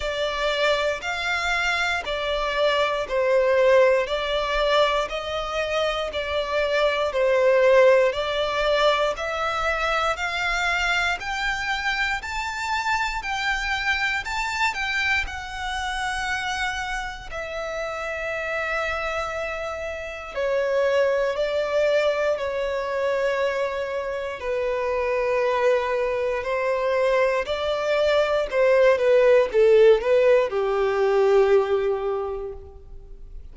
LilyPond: \new Staff \with { instrumentName = "violin" } { \time 4/4 \tempo 4 = 59 d''4 f''4 d''4 c''4 | d''4 dis''4 d''4 c''4 | d''4 e''4 f''4 g''4 | a''4 g''4 a''8 g''8 fis''4~ |
fis''4 e''2. | cis''4 d''4 cis''2 | b'2 c''4 d''4 | c''8 b'8 a'8 b'8 g'2 | }